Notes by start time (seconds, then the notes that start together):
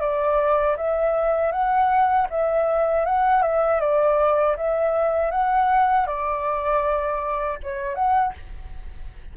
0.00 D5
0.76 E5
1.51 F#5
2.30 E5
3.05 F#5
3.42 E5
3.80 D5
4.56 E5
5.31 F#5
6.06 D5
7.63 C#5
7.95 F#5